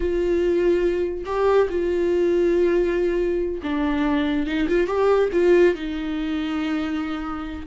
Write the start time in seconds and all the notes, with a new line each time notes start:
0.00 F4
1.25 G4
1.69 F4
3.62 D4
4.46 D#4
4.68 F4
4.86 G4
5.32 F4
5.74 D#4